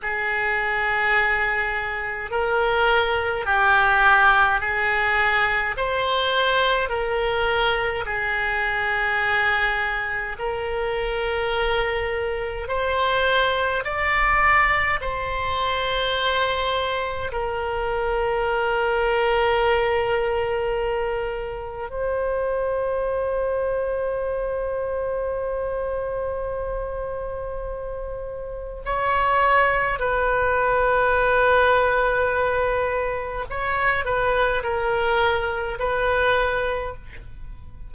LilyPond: \new Staff \with { instrumentName = "oboe" } { \time 4/4 \tempo 4 = 52 gis'2 ais'4 g'4 | gis'4 c''4 ais'4 gis'4~ | gis'4 ais'2 c''4 | d''4 c''2 ais'4~ |
ais'2. c''4~ | c''1~ | c''4 cis''4 b'2~ | b'4 cis''8 b'8 ais'4 b'4 | }